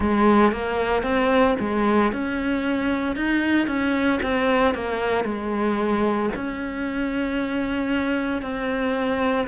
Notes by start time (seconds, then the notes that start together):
0.00 G#3
0.52 A#3
1.02 C4
1.59 G#3
2.12 C#4
3.16 D#4
3.67 C#4
4.22 C4
4.74 A#3
5.24 G#3
6.34 C#4
8.42 C4